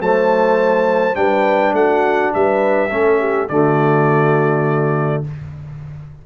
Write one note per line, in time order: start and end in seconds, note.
0.00 1.16 F#3
0.00 1.15 A3
0.00 1.18 C5
0.00 1.15 A5
1.15 1.73 G3
1.15 2.89 D4
1.15 1.76 B4
1.15 1.74 G5
1.73 2.31 A3
1.73 2.34 F#4
1.73 2.33 F#5
2.33 2.91 G3
2.33 2.90 B4
2.33 3.49 E5
2.90 3.49 A3
2.90 3.49 C#4
2.90 3.19 A4
3.19 3.48 G4
3.49 5.24 D3
3.49 5.24 A3
3.49 5.26 F#4
3.49 5.23 D5